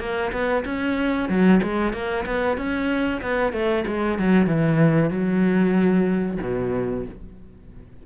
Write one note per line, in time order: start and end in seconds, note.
0.00 0.32 A#3
0.32 0.64 B3
0.65 1.29 C#4
1.29 1.61 F#3
1.63 1.93 G#3
1.93 2.25 A#3
2.26 2.57 B3
2.57 3.21 C#4
3.22 3.53 B3
3.53 3.85 A3
3.87 4.19 G#3
4.19 4.47 F#3
4.47 5.10 E3
5.10 6.38 F#3
6.42 7.06 B2